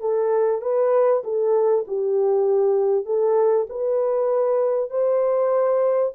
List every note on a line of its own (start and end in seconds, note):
0.00 0.61 A4
0.61 1.22 B4
1.24 1.85 A4
1.87 3.05 G4
3.05 3.66 A4
3.69 4.90 B4
4.90 6.13 C5